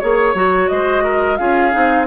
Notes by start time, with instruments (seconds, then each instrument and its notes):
0.00 bassoon A#3, clarinet G#4, flute C#5, oboe C#5
0.34 bassoon F#3, clarinet F#4
0.69 bassoon G#3, oboe C5, flute D#5
1.04 oboe A#4
1.37 bassoon C#4, clarinet F4, oboe G#4, flute F5
1.72 bassoon C4, clarinet D#4